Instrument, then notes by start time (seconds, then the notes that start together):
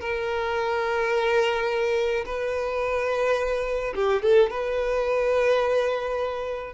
violin
0.00 A#4
2.25 B4
3.95 G4
4.22 A4
4.50 B4